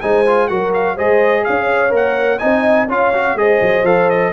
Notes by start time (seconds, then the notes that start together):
0.00 G#3 D#4 C5 G#5
0.26 F4
0.48 F#3 F#4 A#4 F#5
0.73 F5
0.95 G#3 G#4 C5 D#5
1.44 C#4 C#5 F5
1.89 A#3 A#4
1.96 F#5
2.38 C4 D#4 D#5 G#5
2.88 C#4 F4 C#5 F5
3.13 F#4
3.35 G#3 G#4 C5 D#5
3.61 F#3
3.82 F3 A4 F5
4.09 D#5